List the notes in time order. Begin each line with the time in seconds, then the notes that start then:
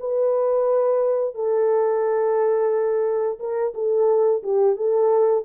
0.00 B4
1.35 A4
3.39 A#4
3.74 A4
4.43 G4
4.76 A4